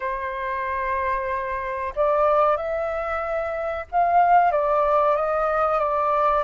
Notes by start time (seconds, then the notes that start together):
0.00 C5
1.95 D5
2.57 E5
3.91 F5
4.51 D5
5.16 D#5
5.79 D5